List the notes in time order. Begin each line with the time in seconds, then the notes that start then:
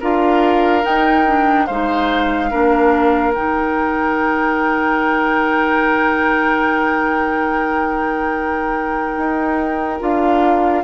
0.00 D4 F4 A#4 F5
0.82 D#4 G5
1.26 D4
1.66 G#3 D#4 C5 F5
2.50 A#3 D4 A#4
3.34 D#3 D#4 G5
9.16 D#4
10.00 D4 F4 F5